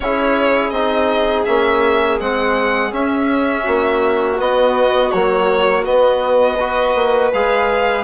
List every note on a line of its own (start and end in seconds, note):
0.00 0.70 C#4
0.00 0.73 E4
0.00 3.63 G#4
0.00 0.70 C#5
0.70 1.44 C4
0.70 1.47 D#4
0.70 1.43 D#5
1.45 2.20 A#3
1.45 2.20 C#4
1.45 2.18 E5
2.20 2.92 G#3
2.20 2.91 C4
2.20 2.93 F#5
2.91 4.37 C#4
2.91 3.65 C#4
2.91 4.40 E5
3.63 4.40 A#3
3.63 6.56 F#4
4.38 5.11 B3
4.38 5.13 B3
4.38 5.11 D#5
5.11 5.84 F#3
5.11 5.87 A#3
5.11 5.84 C#5
5.84 6.58 B3
5.84 6.94 B3
5.84 7.31 D#5
6.59 7.32 F#4
6.59 8.04 B4
6.94 7.31 A#3
7.33 8.04 G#3
7.33 8.04 G#4
7.33 8.04 F5